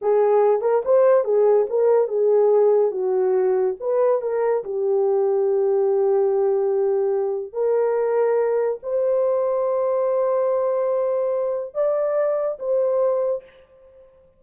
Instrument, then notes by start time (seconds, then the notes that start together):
horn
0.01 G#4
0.61 A#4
0.84 C5
1.24 G#4
1.69 A#4
2.08 G#4
2.91 F#4
3.80 B4
4.21 A#4
4.64 G4
7.53 A#4
8.82 C5
11.74 D5
12.59 C5